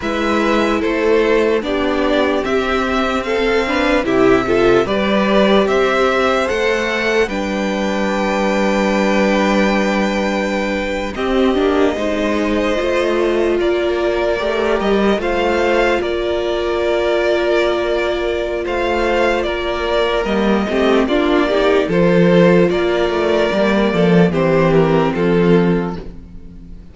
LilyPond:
<<
  \new Staff \with { instrumentName = "violin" } { \time 4/4 \tempo 4 = 74 e''4 c''4 d''4 e''4 | f''4 e''4 d''4 e''4 | fis''4 g''2.~ | g''4.~ g''16 dis''2~ dis''16~ |
dis''8. d''4. dis''8 f''4 d''16~ | d''2. f''4 | d''4 dis''4 d''4 c''4 | d''2 c''8 ais'8 a'4 | }
  \new Staff \with { instrumentName = "violin" } { \time 4/4 b'4 a'4 g'2 | a'8 b'8 g'8 a'8 b'4 c''4~ | c''4 b'2.~ | b'4.~ b'16 g'4 c''4~ c''16~ |
c''8. ais'2 c''4 ais'16~ | ais'2. c''4 | ais'4. g'8 f'8 g'8 a'4 | ais'4. a'8 g'4 f'4 | }
  \new Staff \with { instrumentName = "viola" } { \time 4/4 e'2 d'4 c'4~ | c'8 d'8 e'8 f'8 g'2 | a'4 d'2.~ | d'4.~ d'16 c'8 d'8 dis'4 f'16~ |
f'4.~ f'16 g'4 f'4~ f'16~ | f'1~ | f'4 ais8 c'8 d'8 dis'8 f'4~ | f'4 ais4 c'2 | }
  \new Staff \with { instrumentName = "cello" } { \time 4/4 gis4 a4 b4 c'4~ | c'4 c4 g4 c'4 | a4 g2.~ | g4.~ g16 c'8 ais8 gis4 a16~ |
a8. ais4 a8 g8 a4 ais16~ | ais2. a4 | ais4 g8 a8 ais4 f4 | ais8 a8 g8 f8 e4 f4 | }
>>